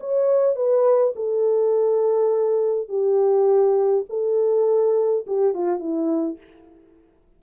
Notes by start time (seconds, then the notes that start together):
0.00 C#5
0.55 B4
1.16 A4
2.88 G4
4.09 A4
5.27 G4
5.54 F4
5.79 E4